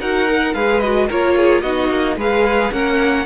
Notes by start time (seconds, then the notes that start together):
0.00 D#4 F#4 A#4 F#5
0.28 A#4
0.54 G#3 G#4 B4 F5
0.80 F#4 D#5
1.07 A#3 F4 A#4 C#5
1.36 G#4
1.61 B3 D#4 F#4 D#5
1.89 A#3
2.16 G#3 G#4 B4 F5
2.72 A#3 C#4 A#4 F#5